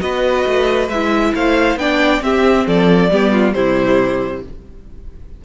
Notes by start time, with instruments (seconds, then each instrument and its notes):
0.00 cello B3, viola F#4, violin B4 D#5
0.47 cello A3
0.89 cello G#3, viola E4, violin E5
1.34 cello A3, violin C5 F5
1.76 cello B3, viola D4, violin D5 G5
2.21 viola C4, cello C4, violin G4 E5
2.67 cello F3, violin A4 D5
3.10 cello G3, viola B3, violin G4
3.32 violin F4
3.53 cello C3, viola G3, violin E4 C5